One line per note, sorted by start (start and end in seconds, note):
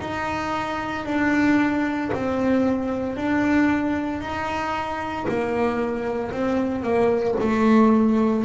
0.00 1.05 D#4
1.05 2.11 D4
2.13 3.16 C4
3.16 4.21 D4
4.21 5.26 D#4
5.28 6.32 A#3
6.32 6.82 C4
6.82 7.35 A#3
7.40 8.44 A3